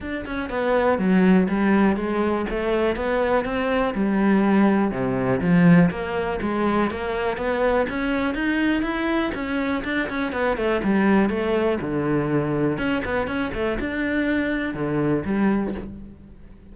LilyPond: \new Staff \with { instrumentName = "cello" } { \time 4/4 \tempo 4 = 122 d'8 cis'8 b4 fis4 g4 | gis4 a4 b4 c'4 | g2 c4 f4 | ais4 gis4 ais4 b4 |
cis'4 dis'4 e'4 cis'4 | d'8 cis'8 b8 a8 g4 a4 | d2 cis'8 b8 cis'8 a8 | d'2 d4 g4 | }